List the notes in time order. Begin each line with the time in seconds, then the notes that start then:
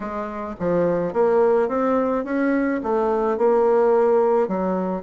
0.00 G#3
0.59 F3
1.13 A#3
1.68 C4
2.24 C#4
2.83 A3
3.37 A#3
4.48 F#3